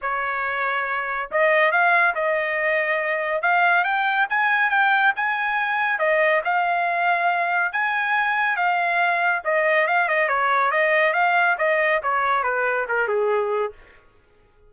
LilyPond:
\new Staff \with { instrumentName = "trumpet" } { \time 4/4 \tempo 4 = 140 cis''2. dis''4 | f''4 dis''2. | f''4 g''4 gis''4 g''4 | gis''2 dis''4 f''4~ |
f''2 gis''2 | f''2 dis''4 f''8 dis''8 | cis''4 dis''4 f''4 dis''4 | cis''4 b'4 ais'8 gis'4. | }